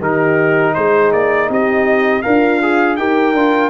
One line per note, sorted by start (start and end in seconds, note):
0.00 0.74 D#3
0.00 2.23 D#4
0.00 0.75 G4
0.00 0.74 A#4
0.74 1.13 G#3
0.74 1.49 G#4
0.74 1.11 C5
1.12 1.49 A#3
1.12 1.49 D5
1.49 2.23 C4
1.49 2.23 G4
1.49 2.22 D#5
2.22 2.98 D4
2.22 2.98 F4
2.22 2.60 A#4
2.22 2.96 F5
2.62 2.98 G#4
2.96 3.33 D#4
2.96 3.35 G4
2.96 3.69 A#4
2.96 3.69 G5
3.33 3.69 D4
3.33 3.69 F4